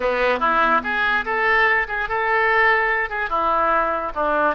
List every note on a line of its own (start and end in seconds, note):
0.00 0.39 B3
0.39 0.81 E4
0.83 1.25 G#4
1.25 1.87 A4
1.88 2.08 G#4
2.08 3.09 A4
3.09 3.29 G#4
3.29 4.12 E4
4.15 4.55 D4